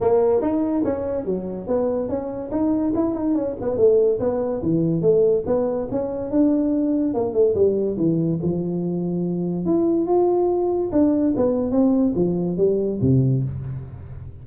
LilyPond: \new Staff \with { instrumentName = "tuba" } { \time 4/4 \tempo 4 = 143 ais4 dis'4 cis'4 fis4 | b4 cis'4 dis'4 e'8 dis'8 | cis'8 b8 a4 b4 e4 | a4 b4 cis'4 d'4~ |
d'4 ais8 a8 g4 e4 | f2. e'4 | f'2 d'4 b4 | c'4 f4 g4 c4 | }